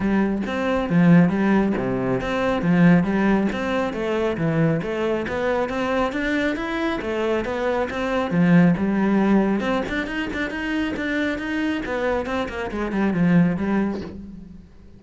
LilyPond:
\new Staff \with { instrumentName = "cello" } { \time 4/4 \tempo 4 = 137 g4 c'4 f4 g4 | c4 c'4 f4 g4 | c'4 a4 e4 a4 | b4 c'4 d'4 e'4 |
a4 b4 c'4 f4 | g2 c'8 d'8 dis'8 d'8 | dis'4 d'4 dis'4 b4 | c'8 ais8 gis8 g8 f4 g4 | }